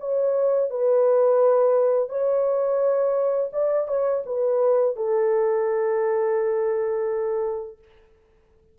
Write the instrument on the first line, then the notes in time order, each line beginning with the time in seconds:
horn
0.00 C#5
0.71 B4
2.09 C#5
3.53 D5
3.88 C#5
4.26 B4
4.96 A4